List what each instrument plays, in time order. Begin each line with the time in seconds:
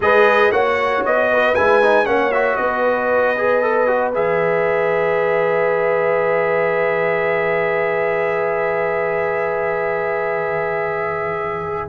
0.00 tuba G#3, trombone G#4, horn B4, trumpet D#5
0.51 tuba A#3, trombone F#4, horn C#5, trumpet F#5
1.05 tuba B3, trumpet D#5
1.31 horn B4
1.54 tuba G#3, trombone E4, trumpet G#5
1.82 trombone D#4
2.05 tuba A#3, trombone C#4, horn C#5, trumpet F#5
2.32 trombone F#4, trumpet E5
2.56 tuba B3, horn B4, trumpet D#5
3.37 trombone G#4
3.62 trombone A4
3.87 trombone F#4
4.14 tuba E3, trombone G#4, trumpet E5